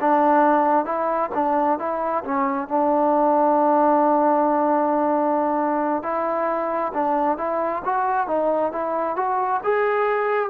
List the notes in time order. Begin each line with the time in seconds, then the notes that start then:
0.00 D4
0.85 E4
1.34 D4
1.78 E4
2.24 C#4
2.67 D4
6.02 E4
6.93 D4
7.37 E4
7.84 F#4
8.27 D#4
8.72 E4
9.16 F#4
9.63 G#4